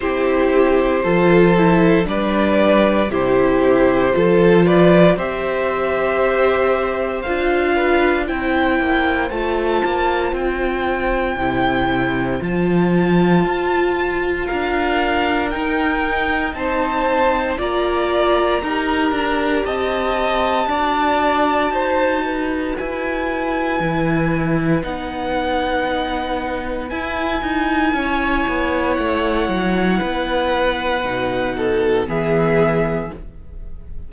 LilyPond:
<<
  \new Staff \with { instrumentName = "violin" } { \time 4/4 \tempo 4 = 58 c''2 d''4 c''4~ | c''8 d''8 e''2 f''4 | g''4 a''4 g''2 | a''2 f''4 g''4 |
a''4 ais''2 a''4~ | a''2 gis''2 | fis''2 gis''2 | fis''2. e''4 | }
  \new Staff \with { instrumentName = "violin" } { \time 4/4 g'4 a'4 b'4 g'4 | a'8 b'8 c''2~ c''8 b'8 | c''1~ | c''2 ais'2 |
c''4 d''4 ais'4 dis''4 | d''4 c''8 b'2~ b'8~ | b'2. cis''4~ | cis''4 b'4. a'8 gis'4 | }
  \new Staff \with { instrumentName = "viola" } { \time 4/4 e'4 f'8 e'8 d'4 e'4 | f'4 g'2 f'4 | e'4 f'2 e'4 | f'2. dis'4~ |
dis'4 f'4 g'2 | fis'2. e'4 | dis'2 e'2~ | e'2 dis'4 b4 | }
  \new Staff \with { instrumentName = "cello" } { \time 4/4 c'4 f4 g4 c4 | f4 c'2 d'4 | c'8 ais8 a8 ais8 c'4 c4 | f4 f'4 d'4 dis'4 |
c'4 ais4 dis'8 d'8 c'4 | d'4 dis'4 e'4 e4 | b2 e'8 dis'8 cis'8 b8 | a8 fis8 b4 b,4 e4 | }
>>